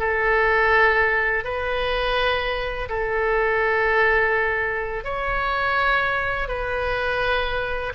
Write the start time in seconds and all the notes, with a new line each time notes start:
0.00 A4
1.45 B4
2.89 A4
5.05 C#5
6.49 B4